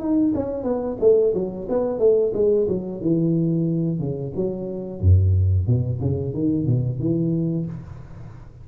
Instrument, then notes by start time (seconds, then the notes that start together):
tuba
0.00 D#4
0.35 C#4
0.64 B3
1.00 A3
1.34 F#3
1.69 B3
1.99 A3
2.34 G#3
2.69 F#3
3.01 E3
4.00 C#3
4.36 F#3
5.01 F#2
5.67 B2
6.01 C#3
6.34 D#3
6.66 B2
7.00 E3